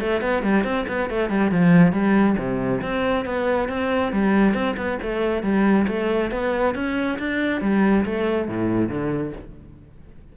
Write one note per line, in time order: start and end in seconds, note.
0.00 0.21 A3
0.21 0.42 B3
0.42 0.64 G3
0.64 0.86 C4
0.87 1.09 B3
1.09 1.29 A3
1.29 1.51 G3
1.51 1.92 F3
1.92 2.36 G3
2.37 2.81 C3
2.81 3.25 C4
3.25 3.68 B3
3.68 4.12 C4
4.12 4.54 G3
4.54 4.75 C4
4.76 4.98 B3
5.02 5.42 A3
5.42 5.86 G3
5.87 6.31 A3
6.31 6.74 B3
6.75 7.18 C#4
7.18 7.61 D4
7.61 8.04 G3
8.05 8.48 A3
8.48 8.89 A2
8.89 9.32 D3